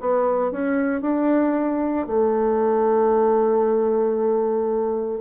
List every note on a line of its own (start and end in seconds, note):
0.00 0.52 B3
0.52 1.01 C#4
1.01 2.07 D4
2.07 5.21 A3